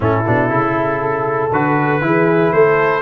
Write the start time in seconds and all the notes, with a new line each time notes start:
0.00 A2 C#4 E4 A4
0.26 B2 D4
0.50 C#3 E4
1.00 A4
1.52 D3 F#4 B4
2.01 E3 E4 G#4
2.52 A3 A4 C5